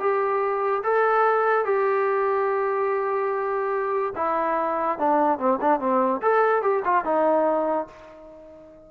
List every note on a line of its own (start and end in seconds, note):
0.00 0.83 G4
0.83 1.65 A4
1.65 4.13 G4
4.16 4.99 E4
4.99 5.38 D4
5.38 5.59 C4
5.61 5.80 D4
5.80 6.21 C4
6.22 6.62 A4
6.62 6.83 G4
6.84 7.05 F4
7.05 7.88 D#4